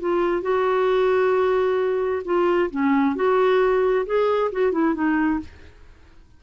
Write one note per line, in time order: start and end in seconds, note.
0.00 0.42 F4
0.42 2.22 F#4
2.25 2.70 F4
2.71 3.16 C#4
3.16 4.06 F#4
4.06 4.51 G#4
4.52 4.72 F#4
4.72 4.95 E4
4.95 5.40 D#4